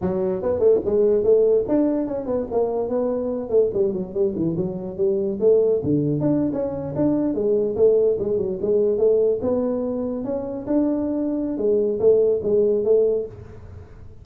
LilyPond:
\new Staff \with { instrumentName = "tuba" } { \time 4/4 \tempo 4 = 145 fis4 b8 a8 gis4 a4 | d'4 cis'8 b8 ais4 b4~ | b8 a8 g8 fis8 g8 e8 fis4 | g4 a4 d4 d'8. cis'16~ |
cis'8. d'4 gis4 a4 gis16~ | gis16 fis8 gis4 a4 b4~ b16~ | b8. cis'4 d'2~ d'16 | gis4 a4 gis4 a4 | }